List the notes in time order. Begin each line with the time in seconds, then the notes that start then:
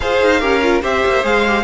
0.00 F4 G#4 C5 F5
0.22 D#4
0.40 C#4 G4 A#4
0.62 F4
0.81 C4 G4 C5 E5
1.05 A#3
1.23 G#3 G#4 F5
1.47 G4